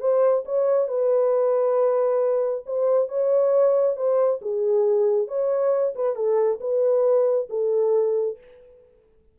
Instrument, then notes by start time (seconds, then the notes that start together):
horn
0.00 C5
0.45 C#5
0.88 B4
2.66 C5
3.09 C#5
3.96 C5
4.42 G#4
5.28 C#5
5.95 B4
6.16 A4
6.60 B4
7.50 A4